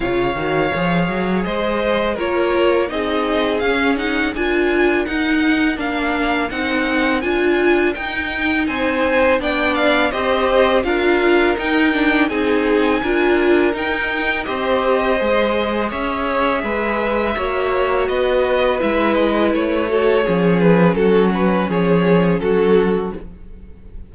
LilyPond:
<<
  \new Staff \with { instrumentName = "violin" } { \time 4/4 \tempo 4 = 83 f''2 dis''4 cis''4 | dis''4 f''8 fis''8 gis''4 fis''4 | f''4 fis''4 gis''4 g''4 | gis''4 g''8 f''8 dis''4 f''4 |
g''4 gis''2 g''4 | dis''2 e''2~ | e''4 dis''4 e''8 dis''8 cis''4~ | cis''8 b'8 a'8 b'8 cis''4 a'4 | }
  \new Staff \with { instrumentName = "violin" } { \time 4/4 cis''2 c''4 ais'4 | gis'2 ais'2~ | ais'1 | c''4 d''4 c''4 ais'4~ |
ais'4 gis'4 ais'2 | c''2 cis''4 b'4 | cis''4 b'2~ b'8 a'8 | gis'4 fis'4 gis'4 fis'4 | }
  \new Staff \with { instrumentName = "viola" } { \time 4/4 f'8 fis'8 gis'2 f'4 | dis'4 cis'8 dis'8 f'4 dis'4 | d'4 dis'4 f'4 dis'4~ | dis'4 d'4 g'4 f'4 |
dis'8 d'8 dis'4 f'4 dis'4 | g'4 gis'2. | fis'2 e'4. fis'8 | cis'1 | }
  \new Staff \with { instrumentName = "cello" } { \time 4/4 cis8 dis8 f8 fis8 gis4 ais4 | c'4 cis'4 d'4 dis'4 | ais4 c'4 d'4 dis'4 | c'4 b4 c'4 d'4 |
dis'4 c'4 d'4 dis'4 | c'4 gis4 cis'4 gis4 | ais4 b4 gis4 a4 | f4 fis4 f4 fis4 | }
>>